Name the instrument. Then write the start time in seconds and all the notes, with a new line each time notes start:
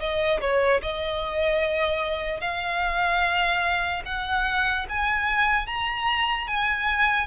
violin
0.00 D#5
0.41 C#5
0.82 D#5
2.41 F5
4.06 F#5
4.89 G#5
5.67 A#5
6.48 G#5